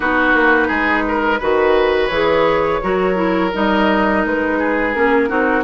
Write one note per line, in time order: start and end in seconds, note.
0.00 0.33 B3
0.00 1.40 D#4
0.00 0.67 F#4
0.00 2.07 B4
0.33 0.68 A#3
0.67 1.40 G#3
0.67 1.02 G#4
1.07 1.39 A#4
1.39 2.09 D#3
1.39 2.11 F#4
1.39 2.80 B4
2.07 2.80 E3
2.07 2.81 G#4
2.07 3.48 C#5
2.81 3.53 F#3
2.81 3.14 F#4
2.81 4.58 A#4
3.14 3.50 E4
3.53 4.25 G3
3.53 4.94 D#4
3.53 4.25 D#5
4.25 4.95 G#3
4.25 4.94 B4
4.58 5.29 G#4
4.94 5.29 A#3
4.94 5.28 C#4
4.94 5.64 A#4
5.28 5.64 C4
5.28 5.63 D#4
5.28 5.64 F#4